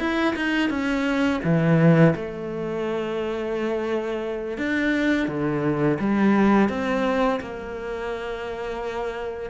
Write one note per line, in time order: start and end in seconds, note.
0.00 0.35 E4
0.37 0.71 D#4
0.71 1.41 C#4
1.44 2.15 E3
2.16 4.58 A3
4.58 5.28 D4
5.28 5.99 D3
6.00 6.70 G3
6.70 7.40 C4
7.41 9.51 A#3